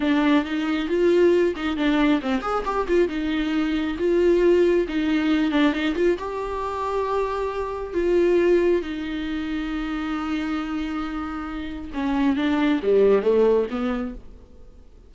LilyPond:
\new Staff \with { instrumentName = "viola" } { \time 4/4 \tempo 4 = 136 d'4 dis'4 f'4. dis'8 | d'4 c'8 gis'8 g'8 f'8 dis'4~ | dis'4 f'2 dis'4~ | dis'8 d'8 dis'8 f'8 g'2~ |
g'2 f'2 | dis'1~ | dis'2. cis'4 | d'4 g4 a4 b4 | }